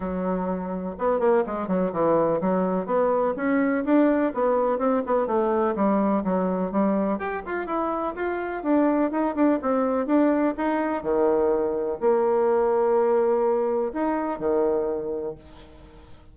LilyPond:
\new Staff \with { instrumentName = "bassoon" } { \time 4/4 \tempo 4 = 125 fis2 b8 ais8 gis8 fis8 | e4 fis4 b4 cis'4 | d'4 b4 c'8 b8 a4 | g4 fis4 g4 g'8 f'8 |
e'4 f'4 d'4 dis'8 d'8 | c'4 d'4 dis'4 dis4~ | dis4 ais2.~ | ais4 dis'4 dis2 | }